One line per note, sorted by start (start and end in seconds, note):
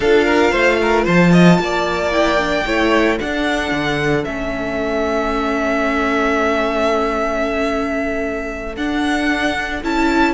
0.00 0.51 D4
0.00 2.11 F4
0.00 0.25 A4
0.00 1.06 F5
0.25 0.51 A#4
0.51 1.06 A3
0.51 0.78 C5
0.81 1.04 A#4
1.04 1.58 F3
1.04 1.30 C5
1.04 2.12 A5
1.31 1.58 D#5
1.58 2.65 A#3
1.58 2.66 D5
2.11 2.38 E4
2.11 3.18 G5
2.38 2.64 D4
2.66 3.19 A3
2.66 3.19 E4
2.66 3.18 C#5
3.18 4.24 D4
3.18 3.71 D4
3.18 10.33 A4
3.18 4.24 F#5
3.71 4.24 D3
4.24 8.76 A3
4.24 8.76 C#4
4.24 8.75 E5
8.76 9.82 D4
8.76 9.83 D4
8.76 9.83 F#5
9.83 10.33 C#4
9.83 10.33 E4
9.83 10.33 A5